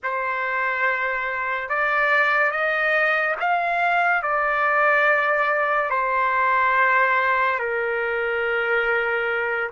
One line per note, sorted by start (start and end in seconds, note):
0.03 1.69 C5
1.69 2.51 D5
2.51 3.35 D#5
3.40 4.22 F5
4.22 5.90 D5
5.90 7.59 C5
7.59 9.70 A#4